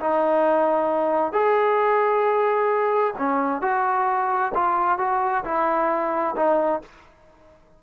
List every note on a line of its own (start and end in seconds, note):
0.00 1.32 D#4
1.32 3.14 G#4
3.18 3.62 C#4
3.62 4.52 F#4
4.54 4.99 F4
4.99 5.44 F#4
5.45 6.36 E4
6.36 6.81 D#4